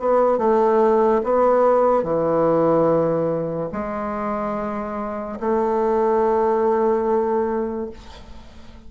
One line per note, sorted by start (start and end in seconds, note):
0.00 0.39 B3
0.39 1.22 A3
1.24 2.04 B3
2.04 3.70 E3
3.72 5.39 G#3
5.41 7.91 A3